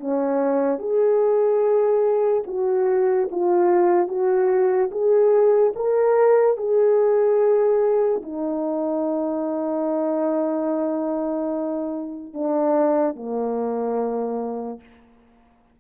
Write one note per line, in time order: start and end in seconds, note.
0.00 0.79 C#4
0.79 2.43 G#4
2.47 3.29 F#4
3.31 4.08 F4
4.08 4.90 F#4
4.91 5.73 G#4
5.76 6.57 A#4
6.57 8.22 G#4
8.23 12.34 D#4
12.34 13.16 D4
13.16 14.80 A#3